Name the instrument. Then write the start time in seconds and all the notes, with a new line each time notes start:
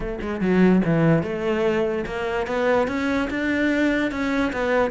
cello
0.00 A3
0.21 G#3
0.41 F#3
0.84 E3
1.22 A3
2.05 A#3
2.47 B3
2.87 C#4
3.30 D4
4.11 C#4
4.52 B3